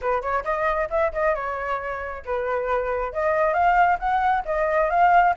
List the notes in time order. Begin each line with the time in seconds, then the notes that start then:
0.01 B4
0.21 C#5
0.44 D#5
0.90 E5
1.12 D#5
1.34 C#5
2.25 B4
3.13 D#5
3.53 F5
3.99 F#5
4.45 D#5
4.89 F5